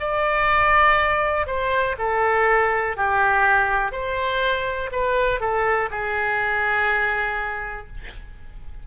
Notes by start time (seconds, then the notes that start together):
0.00 D5
1.47 C5
1.99 A4
2.97 G4
3.92 C5
4.92 B4
5.41 A4
5.91 G#4